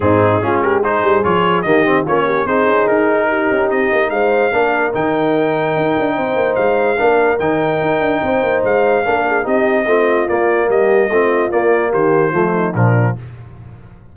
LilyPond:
<<
  \new Staff \with { instrumentName = "trumpet" } { \time 4/4 \tempo 4 = 146 gis'4. ais'8 c''4 cis''4 | dis''4 cis''4 c''4 ais'4~ | ais'4 dis''4 f''2 | g''1 |
f''2 g''2~ | g''4 f''2 dis''4~ | dis''4 d''4 dis''2 | d''4 c''2 ais'4 | }
  \new Staff \with { instrumentName = "horn" } { \time 4/4 dis'4 f'8 g'8 gis'2 | g'4 f'8 g'8 gis'2 | g'2 c''4 ais'4~ | ais'2. c''4~ |
c''4 ais'2. | c''2 ais'8 gis'8 g'4 | f'2 g'4 f'4~ | f'4 g'4 f'8 dis'8 d'4 | }
  \new Staff \with { instrumentName = "trombone" } { \time 4/4 c'4 cis'4 dis'4 f'4 | ais8 c'8 cis'4 dis'2~ | dis'2. d'4 | dis'1~ |
dis'4 d'4 dis'2~ | dis'2 d'4 dis'4 | c'4 ais2 c'4 | ais2 a4 f4 | }
  \new Staff \with { instrumentName = "tuba" } { \time 4/4 gis,4 gis4. g8 f4 | dis4 ais4 c'8 cis'8 dis'4~ | dis'8 cis'8 c'8 ais8 gis4 ais4 | dis2 dis'8 d'8 c'8 ais8 |
gis4 ais4 dis4 dis'8 d'8 | c'8 ais8 gis4 ais4 c'4 | a4 ais4 g4 a4 | ais4 dis4 f4 ais,4 | }
>>